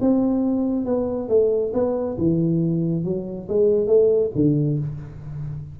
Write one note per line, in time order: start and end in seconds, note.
0.00 0.85 C4
0.85 1.28 B3
1.28 1.72 A3
1.73 2.17 B3
2.17 3.04 E3
3.04 3.47 F#3
3.48 3.87 G#3
3.87 4.30 A3
4.35 4.78 D3